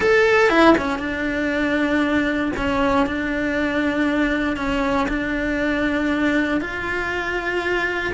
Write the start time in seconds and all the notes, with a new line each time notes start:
0.00 A4
0.49 E4
0.77 C#4
0.98 D4
2.56 C#4
3.06 D4
4.56 C#4
5.08 D4
6.60 F4